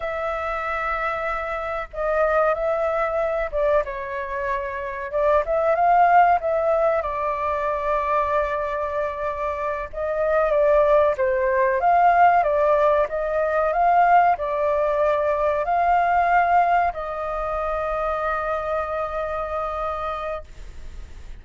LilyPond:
\new Staff \with { instrumentName = "flute" } { \time 4/4 \tempo 4 = 94 e''2. dis''4 | e''4. d''8 cis''2 | d''8 e''8 f''4 e''4 d''4~ | d''2.~ d''8 dis''8~ |
dis''8 d''4 c''4 f''4 d''8~ | d''8 dis''4 f''4 d''4.~ | d''8 f''2 dis''4.~ | dis''1 | }